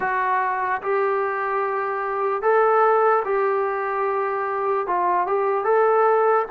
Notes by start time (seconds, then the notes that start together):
0.00 F#4
0.81 G4
2.42 A4
3.24 G4
4.86 F4
5.27 G4
5.64 A4